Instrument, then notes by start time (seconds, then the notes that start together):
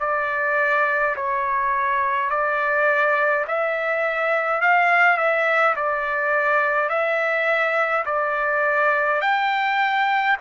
trumpet
0.00 D5
1.16 C#5
2.30 D5
3.48 E5
4.61 F5
5.17 E5
5.76 D5
6.89 E5
8.06 D5
9.22 G5